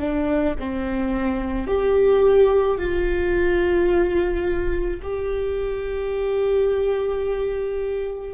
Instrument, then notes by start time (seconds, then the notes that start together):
viola
0.00 D4
0.59 C4
1.67 G4
2.78 F4
5.03 G4